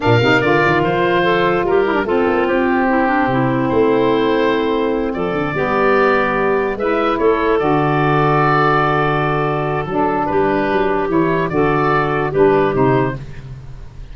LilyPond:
<<
  \new Staff \with { instrumentName = "oboe" } { \time 4/4 \tempo 4 = 146 f''4 d''4 c''2 | ais'4 a'4 g'2~ | g'4 c''2.~ | c''8 d''2.~ d''8~ |
d''8 e''4 cis''4 d''4.~ | d''1 | a'4 b'2 cis''4 | d''2 b'4 c''4 | }
  \new Staff \with { instrumentName = "clarinet" } { \time 4/4 ais'2. a'4 | g'4 f'2 e'8 d'8 | e'1~ | e'8 a'4 g'2~ g'8~ |
g'8 b'4 a'2~ a'8~ | a'1~ | a'4 g'2. | a'2 g'2 | }
  \new Staff \with { instrumentName = "saxophone" } { \time 4/4 d'8 dis'8 f'2.~ | f'8 e'16 d'16 c'2.~ | c'1~ | c'4. b2~ b8~ |
b8 e'2 fis'4.~ | fis'1 | d'2. e'4 | fis'2 d'4 dis'4 | }
  \new Staff \with { instrumentName = "tuba" } { \time 4/4 ais,8 c8 d8 dis8 f2 | g4 a8 ais8 c'2 | c4 a2.~ | a8 f8 d8 g2~ g8~ |
g8 gis4 a4 d4.~ | d1 | fis4 g4 fis4 e4 | d2 g4 c4 | }
>>